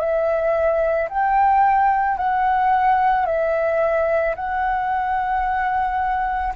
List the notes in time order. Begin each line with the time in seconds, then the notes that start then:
0.00 E5
1.10 G5
2.18 F#5
3.26 E5
4.36 F#5